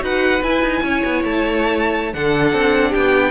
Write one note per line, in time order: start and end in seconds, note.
0.00 0.42 D#4
0.00 0.40 F#4
0.00 0.83 B4
0.00 0.43 F#5
0.43 0.62 E4
0.43 2.14 E4
0.43 1.23 G#5
0.62 0.82 D#4
0.84 1.04 C#4
0.84 2.14 C#5
1.05 1.24 B3
1.24 2.14 A3
1.24 2.14 A5
2.14 2.53 D3
2.14 3.31 D4
2.14 2.90 A4
2.14 2.94 F#5
2.53 2.93 C4
2.90 3.31 B3
2.90 3.30 G4
2.90 3.31 G5